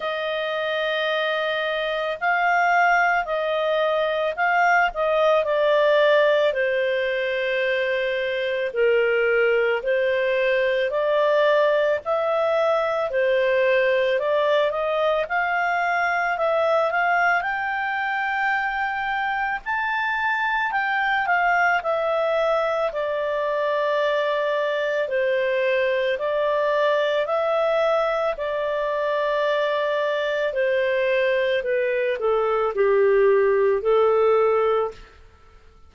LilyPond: \new Staff \with { instrumentName = "clarinet" } { \time 4/4 \tempo 4 = 55 dis''2 f''4 dis''4 | f''8 dis''8 d''4 c''2 | ais'4 c''4 d''4 e''4 | c''4 d''8 dis''8 f''4 e''8 f''8 |
g''2 a''4 g''8 f''8 | e''4 d''2 c''4 | d''4 e''4 d''2 | c''4 b'8 a'8 g'4 a'4 | }